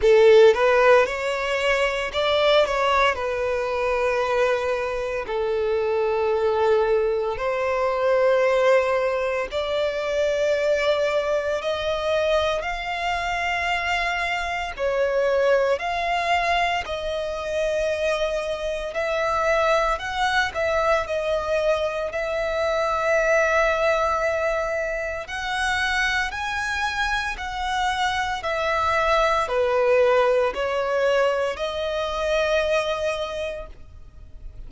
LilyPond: \new Staff \with { instrumentName = "violin" } { \time 4/4 \tempo 4 = 57 a'8 b'8 cis''4 d''8 cis''8 b'4~ | b'4 a'2 c''4~ | c''4 d''2 dis''4 | f''2 cis''4 f''4 |
dis''2 e''4 fis''8 e''8 | dis''4 e''2. | fis''4 gis''4 fis''4 e''4 | b'4 cis''4 dis''2 | }